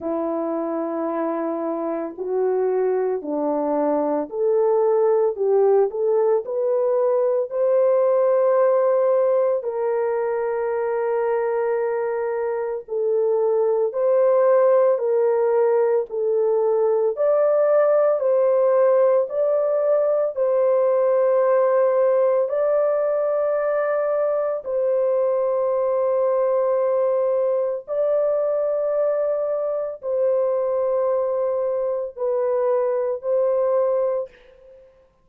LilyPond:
\new Staff \with { instrumentName = "horn" } { \time 4/4 \tempo 4 = 56 e'2 fis'4 d'4 | a'4 g'8 a'8 b'4 c''4~ | c''4 ais'2. | a'4 c''4 ais'4 a'4 |
d''4 c''4 d''4 c''4~ | c''4 d''2 c''4~ | c''2 d''2 | c''2 b'4 c''4 | }